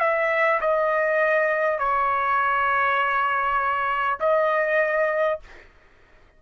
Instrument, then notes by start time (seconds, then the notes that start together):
trumpet
0.00 E5
0.61 D#5
1.79 C#5
4.21 D#5